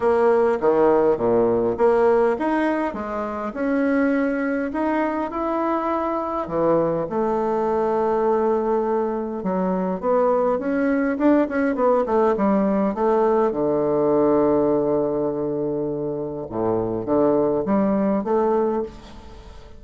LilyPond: \new Staff \with { instrumentName = "bassoon" } { \time 4/4 \tempo 4 = 102 ais4 dis4 ais,4 ais4 | dis'4 gis4 cis'2 | dis'4 e'2 e4 | a1 |
fis4 b4 cis'4 d'8 cis'8 | b8 a8 g4 a4 d4~ | d1 | a,4 d4 g4 a4 | }